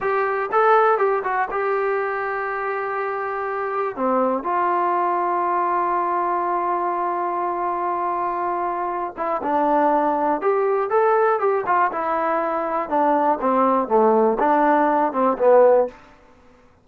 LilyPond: \new Staff \with { instrumentName = "trombone" } { \time 4/4 \tempo 4 = 121 g'4 a'4 g'8 fis'8 g'4~ | g'1 | c'4 f'2.~ | f'1~ |
f'2~ f'8 e'8 d'4~ | d'4 g'4 a'4 g'8 f'8 | e'2 d'4 c'4 | a4 d'4. c'8 b4 | }